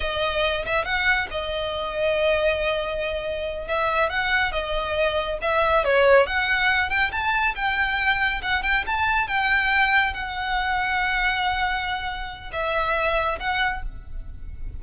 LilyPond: \new Staff \with { instrumentName = "violin" } { \time 4/4 \tempo 4 = 139 dis''4. e''8 fis''4 dis''4~ | dis''1~ | dis''8 e''4 fis''4 dis''4.~ | dis''8 e''4 cis''4 fis''4. |
g''8 a''4 g''2 fis''8 | g''8 a''4 g''2 fis''8~ | fis''1~ | fis''4 e''2 fis''4 | }